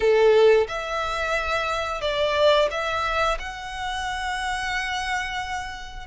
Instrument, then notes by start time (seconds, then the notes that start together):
violin
0.00 A4
0.68 E5
2.01 D5
2.70 E5
3.39 F#5